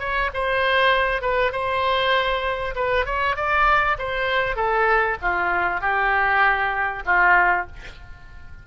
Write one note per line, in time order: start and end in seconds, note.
0.00 0.31 C#5
0.34 1.22 C5
1.22 1.53 B4
1.53 2.75 C5
2.76 3.06 B4
3.06 3.36 C#5
3.36 3.98 D5
3.99 4.56 C5
4.56 5.18 A4
5.22 5.81 F4
5.81 7.04 G4
7.06 7.67 F4